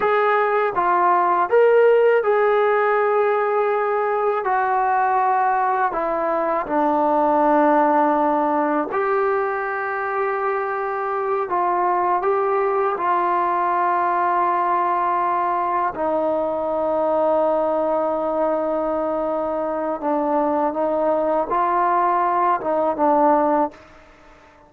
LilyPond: \new Staff \with { instrumentName = "trombone" } { \time 4/4 \tempo 4 = 81 gis'4 f'4 ais'4 gis'4~ | gis'2 fis'2 | e'4 d'2. | g'2.~ g'8 f'8~ |
f'8 g'4 f'2~ f'8~ | f'4. dis'2~ dis'8~ | dis'2. d'4 | dis'4 f'4. dis'8 d'4 | }